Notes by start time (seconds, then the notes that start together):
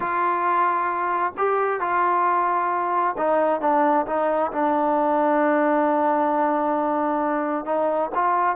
0.00 F4
1.37 G4
1.80 F4
3.17 D#4
3.60 D4
4.06 D#4
4.52 D4
7.65 D#4
8.14 F4